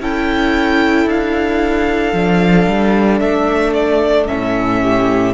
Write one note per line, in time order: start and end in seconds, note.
0.00 1.06 C#4
0.00 2.14 E4
0.00 4.81 A4
0.00 1.09 G5
1.06 2.13 D4
1.06 3.20 F5
2.13 2.67 F3
2.13 4.28 D4
2.67 3.21 G3
3.20 4.28 A3
3.20 3.73 E5
3.74 4.27 D5
4.27 5.34 A2
4.27 5.34 C#4
4.27 5.34 E5
4.81 5.34 G4